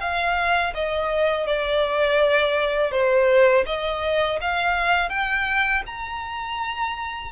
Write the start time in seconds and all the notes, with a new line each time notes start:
0.00 F5
0.74 D#5
1.46 D5
2.91 C5
3.66 D#5
4.41 F5
5.09 G5
5.86 A#5